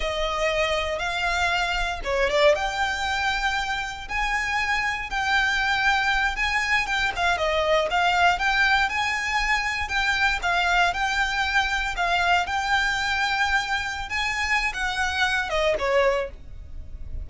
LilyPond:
\new Staff \with { instrumentName = "violin" } { \time 4/4 \tempo 4 = 118 dis''2 f''2 | cis''8 d''8 g''2. | gis''2 g''2~ | g''8 gis''4 g''8 f''8 dis''4 f''8~ |
f''8 g''4 gis''2 g''8~ | g''8 f''4 g''2 f''8~ | f''8 g''2.~ g''16 gis''16~ | gis''4 fis''4. dis''8 cis''4 | }